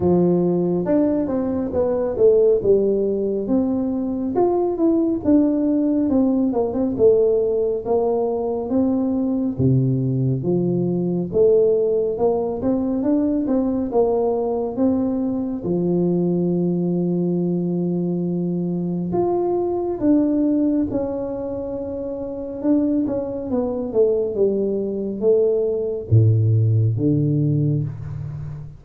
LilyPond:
\new Staff \with { instrumentName = "tuba" } { \time 4/4 \tempo 4 = 69 f4 d'8 c'8 b8 a8 g4 | c'4 f'8 e'8 d'4 c'8 ais16 c'16 | a4 ais4 c'4 c4 | f4 a4 ais8 c'8 d'8 c'8 |
ais4 c'4 f2~ | f2 f'4 d'4 | cis'2 d'8 cis'8 b8 a8 | g4 a4 a,4 d4 | }